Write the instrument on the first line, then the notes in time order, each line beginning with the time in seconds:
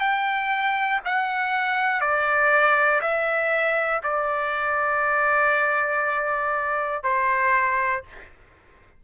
trumpet
0.00 G5
1.05 F#5
2.01 D5
3.01 E5
4.03 D5
7.03 C5